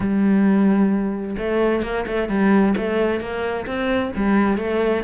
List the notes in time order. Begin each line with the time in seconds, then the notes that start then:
0.00 G3
1.38 A3
1.82 A#3
2.06 A3
2.28 G3
2.77 A3
3.20 A#3
3.66 C4
4.16 G3
4.57 A3